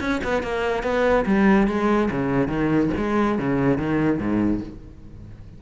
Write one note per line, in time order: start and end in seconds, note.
0.00 0.21 C#4
0.24 0.42 B3
0.42 0.83 A#3
0.83 1.25 B3
1.26 1.67 G3
1.67 2.09 G#3
2.11 2.48 C#3
2.48 2.90 D#3
2.97 3.38 G#3
3.38 3.78 C#3
3.78 4.18 D#3
4.18 4.60 G#2